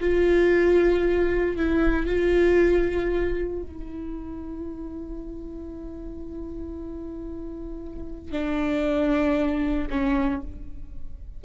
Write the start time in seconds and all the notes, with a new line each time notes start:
0.00 F4
1.56 E4
2.06 F4
3.62 E4
8.32 D4
9.90 C#4